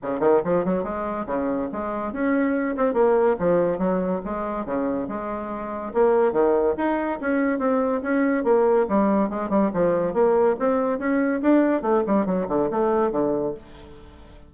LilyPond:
\new Staff \with { instrumentName = "bassoon" } { \time 4/4 \tempo 4 = 142 cis8 dis8 f8 fis8 gis4 cis4 | gis4 cis'4. c'8 ais4 | f4 fis4 gis4 cis4 | gis2 ais4 dis4 |
dis'4 cis'4 c'4 cis'4 | ais4 g4 gis8 g8 f4 | ais4 c'4 cis'4 d'4 | a8 g8 fis8 d8 a4 d4 | }